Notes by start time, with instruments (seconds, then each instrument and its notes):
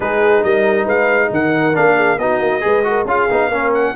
0.00 tuba G#3, trombone D#4, horn G#4, trumpet B4
0.43 tuba G3, horn A#4, trumpet D#5
0.83 tuba G#3, horn B4, trumpet F5
1.31 tuba D#3, horn A#4, trumpet F#5
1.73 tuba A#3, trombone D4, trumpet F5
1.96 horn G#4
2.18 tuba B3, trombone D#4, horn F#4, trumpet D#5
2.39 tuba A#3
2.60 tuba G#3, trombone G#4, horn B4
2.83 trombone F#4, horn A#4
3.04 tuba C#4, trombone F4, horn G#4, trumpet F5
3.30 tuba B3, trombone D#4
3.48 tuba A#3, trombone C#4, horn A#4
3.74 trumpet F#5